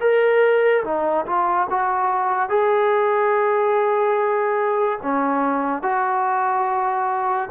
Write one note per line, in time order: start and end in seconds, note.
0.00 0.83 A#4
0.83 1.25 D#4
1.25 1.67 F4
1.70 2.49 F#4
2.49 4.99 G#4
5.02 5.82 C#4
5.82 7.48 F#4